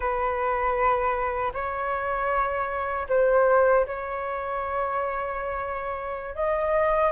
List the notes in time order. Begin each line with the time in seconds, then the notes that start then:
0.00 B4
1.53 C#5
3.08 C5
3.86 C#5
6.35 D#5